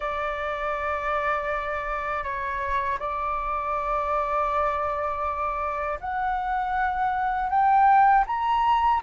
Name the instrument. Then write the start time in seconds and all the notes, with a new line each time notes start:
flute
0.00 D5
2.23 C#5
2.99 D5
6.00 F#5
7.49 G5
8.26 A#5